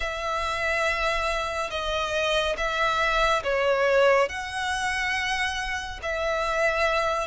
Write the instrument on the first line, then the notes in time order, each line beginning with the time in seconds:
violin
0.00 E5
1.70 D#5
2.57 E5
3.43 C#5
4.28 F#5
6.02 E5